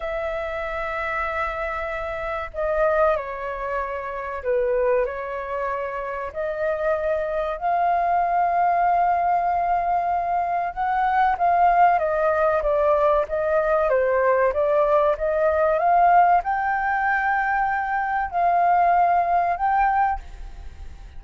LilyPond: \new Staff \with { instrumentName = "flute" } { \time 4/4 \tempo 4 = 95 e''1 | dis''4 cis''2 b'4 | cis''2 dis''2 | f''1~ |
f''4 fis''4 f''4 dis''4 | d''4 dis''4 c''4 d''4 | dis''4 f''4 g''2~ | g''4 f''2 g''4 | }